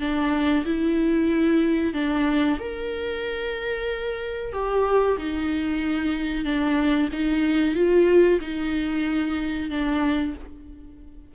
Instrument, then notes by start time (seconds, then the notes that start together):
viola
0.00 D4
0.65 E4
1.93 D4
2.59 A#4
4.52 G4
5.17 D#4
6.44 D4
7.12 D#4
7.75 F4
8.41 D#4
9.70 D4